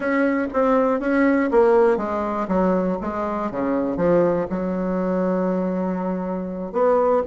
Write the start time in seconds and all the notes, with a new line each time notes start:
0.00 C#4
0.53 C4
1.00 C#4
1.51 A#3
1.97 G#3
2.48 F#3
3.01 G#3
3.51 C#3
3.97 F3
4.50 F#3
6.72 B3